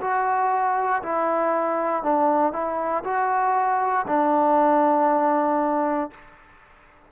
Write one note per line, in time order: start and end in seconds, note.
0.00 1.02 F#4
1.02 2.02 E4
2.02 2.52 D4
2.52 3.03 E4
3.04 4.05 F#4
4.07 6.10 D4